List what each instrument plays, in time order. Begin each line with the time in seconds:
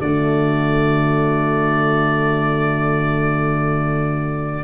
0.00 tuba D3, horn A3, violin F#4, oboe D5